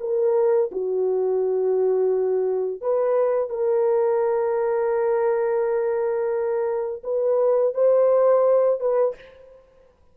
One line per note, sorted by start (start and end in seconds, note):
0.00 0.71 A#4
0.72 2.81 F#4
2.81 3.50 B4
3.50 7.03 A#4
7.04 7.74 B4
7.74 8.80 C5
8.80 9.15 B4